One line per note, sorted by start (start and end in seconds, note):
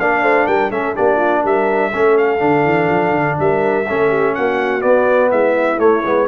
0.00 0.22 A#3
0.00 0.72 D4
0.00 0.23 D5
0.00 0.47 F5
0.22 0.46 A3
0.22 0.47 C5
0.47 0.70 G3
0.47 0.71 A#4
0.47 0.71 G5
0.70 0.95 A3
0.70 0.95 C#4
0.70 0.95 A4
0.70 0.96 E5
0.95 1.44 A#3
0.95 1.92 D4
0.95 1.17 G4
0.95 1.44 D5
1.17 1.41 F4
1.43 1.92 G3
1.43 1.91 A#4
1.43 2.18 E5
1.93 2.41 A3
1.93 2.39 C#4
1.93 3.38 A4
2.18 3.39 F5
2.39 2.64 D3
2.39 3.85 D4
2.64 2.89 E3
2.89 3.11 F3
3.11 3.35 D3
3.39 3.88 G3
3.39 3.88 A#4
3.39 4.35 E5
3.88 4.37 A3
3.88 4.81 C#4
3.88 4.09 A4
4.09 4.33 G4
4.35 4.84 A#3
4.35 5.31 F#4
4.35 4.82 F#5
4.81 5.78 B3
4.81 5.32 B3
4.81 5.30 D5
5.31 5.79 G#3
5.31 6.27 E4
5.31 5.80 E5
5.78 6.03 A3
5.78 6.28 C#5
6.05 6.29 G#3
6.05 6.29 B3